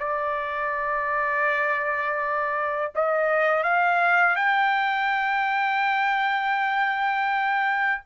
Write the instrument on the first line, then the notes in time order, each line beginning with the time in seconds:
trumpet
0.00 D5
2.95 D#5
3.64 F5
4.36 G5